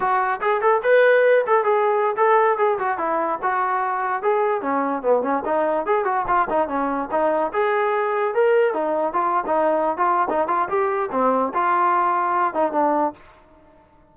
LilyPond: \new Staff \with { instrumentName = "trombone" } { \time 4/4 \tempo 4 = 146 fis'4 gis'8 a'8 b'4. a'8 | gis'4~ gis'16 a'4 gis'8 fis'8 e'8.~ | e'16 fis'2 gis'4 cis'8.~ | cis'16 b8 cis'8 dis'4 gis'8 fis'8 f'8 dis'16~ |
dis'16 cis'4 dis'4 gis'4.~ gis'16~ | gis'16 ais'4 dis'4 f'8. dis'4~ | dis'16 f'8. dis'8 f'8 g'4 c'4 | f'2~ f'8 dis'8 d'4 | }